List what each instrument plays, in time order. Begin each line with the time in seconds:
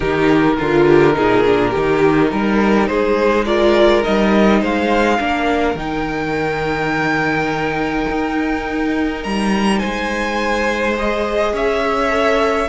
0.00 cello D#3, viola D#4, violin G4 A#4
0.57 cello D3, violin F4, viola F4
0.86 violin G4
1.13 cello A#2, viola D#4, violin G#4
1.45 viola D4
1.70 viola D#4, violin G4
1.76 cello D#3
2.31 cello G3, violin A#4
2.87 cello G#3, violin G#4 C5
3.45 viola F4, violin A#4 D5
4.03 cello G3, viola D#4, violin D#5
4.60 cello G#3, violin C5 F5
5.18 cello A#3, viola D4, violin A#4
5.74 cello D#3, viola D#4, violin G5
8.09 cello D#4
9.23 cello G3, violin A#5
9.79 cello G#3, violin C5 G#5
10.96 viola G#4, violin D#5
11.52 cello C#4, violin C#5 E5
12.09 viola A4